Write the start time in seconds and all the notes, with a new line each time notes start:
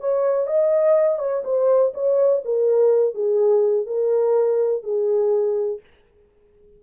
0.00 C#5
0.47 D#5
1.19 C#5
1.44 C5
1.94 C#5
2.45 A#4
3.14 G#4
3.86 A#4
4.83 G#4